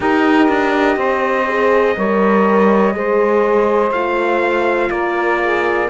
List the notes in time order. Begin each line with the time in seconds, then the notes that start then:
0.00 D#4 G4 A#4 D#5
0.48 D4
0.96 C4 C5
1.47 G#4
1.96 G3 A#4 C#5
2.93 G#3 G#4 C5
3.91 A3 F4 F5
4.90 A#3 A#4 D5
5.42 G#4